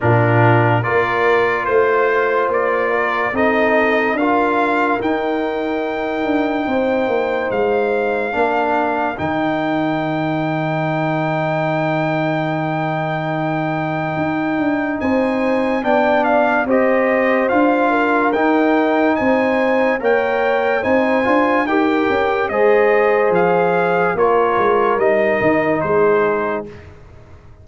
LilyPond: <<
  \new Staff \with { instrumentName = "trumpet" } { \time 4/4 \tempo 4 = 72 ais'4 d''4 c''4 d''4 | dis''4 f''4 g''2~ | g''4 f''2 g''4~ | g''1~ |
g''2 gis''4 g''8 f''8 | dis''4 f''4 g''4 gis''4 | g''4 gis''4 g''4 dis''4 | f''4 cis''4 dis''4 c''4 | }
  \new Staff \with { instrumentName = "horn" } { \time 4/4 f'4 ais'4 c''4. ais'8 | a'4 ais'2. | c''2 ais'2~ | ais'1~ |
ais'2 c''4 d''4 | c''4. ais'4. c''4 | cis''4 c''4 ais'4 c''4~ | c''4 ais'2 gis'4 | }
  \new Staff \with { instrumentName = "trombone" } { \time 4/4 d'4 f'2. | dis'4 f'4 dis'2~ | dis'2 d'4 dis'4~ | dis'1~ |
dis'2. d'4 | g'4 f'4 dis'2 | ais'4 dis'8 f'8 g'4 gis'4~ | gis'4 f'4 dis'2 | }
  \new Staff \with { instrumentName = "tuba" } { \time 4/4 ais,4 ais4 a4 ais4 | c'4 d'4 dis'4. d'8 | c'8 ais8 gis4 ais4 dis4~ | dis1~ |
dis4 dis'8 d'8 c'4 b4 | c'4 d'4 dis'4 c'4 | ais4 c'8 d'8 dis'8 cis'8 gis4 | f4 ais8 gis8 g8 dis8 gis4 | }
>>